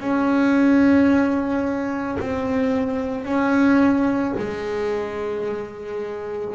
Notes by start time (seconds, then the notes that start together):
0.00 C#4
2.20 C4
3.25 C#4
4.38 G#3